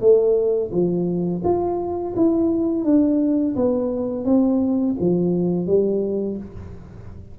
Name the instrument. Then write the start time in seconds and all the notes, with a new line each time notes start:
tuba
0.00 A3
0.71 F3
1.44 F4
2.16 E4
2.84 D4
3.55 B3
4.24 C4
5.00 F3
5.66 G3